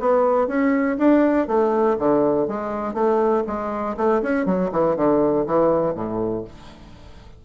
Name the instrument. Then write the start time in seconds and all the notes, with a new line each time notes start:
bassoon
0.00 B3
0.48 C#4
0.98 D4
1.48 A3
1.99 D3
2.48 G#3
2.94 A3
3.47 G#3
3.97 A3
4.23 C#4
4.46 F#3
4.72 E3
4.97 D3
5.47 E3
5.95 A2